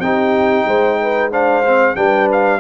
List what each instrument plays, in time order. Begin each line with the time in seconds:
0.00 tuba C4, trombone D#4, horn G4, trumpet G5
0.66 tuba G#3, horn C5
1.02 horn B4
1.31 trombone D4, horn C5, trumpet F5
1.67 trombone C4
1.96 tuba G3, trombone D4, horn B4, trumpet G5
2.33 trumpet F5